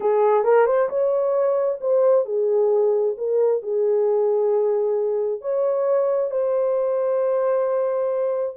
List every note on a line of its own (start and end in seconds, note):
0.00 0.44 G#4
0.44 0.66 A#4
0.66 0.88 C5
0.89 1.79 C#5
1.80 2.25 C5
2.25 3.15 G#4
3.17 3.62 A#4
3.62 5.41 G#4
5.41 6.30 C#5
6.30 8.56 C5